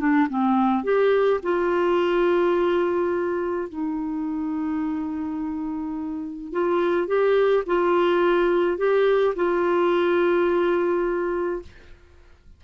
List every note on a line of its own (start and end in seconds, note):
0.00 0.28 D4
0.30 0.84 C4
0.84 1.41 G4
1.43 3.69 F4
3.70 6.53 D#4
6.53 7.08 F4
7.08 7.64 G4
7.67 8.78 F4
8.78 9.35 G4
9.36 11.63 F4